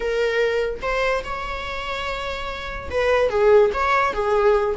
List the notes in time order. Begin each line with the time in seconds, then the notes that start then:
0.00 A#4
0.82 C5
1.24 C#5
2.90 B4
3.29 G#4
3.73 C#5
4.13 G#4